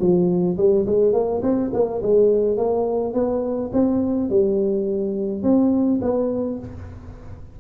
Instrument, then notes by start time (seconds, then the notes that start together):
tuba
0.00 F3
0.57 G3
0.86 G#3
1.13 A#3
1.43 C4
1.73 A#3
2.03 G#3
2.57 A#3
3.14 B3
3.73 C4
4.30 G3
5.43 C4
6.02 B3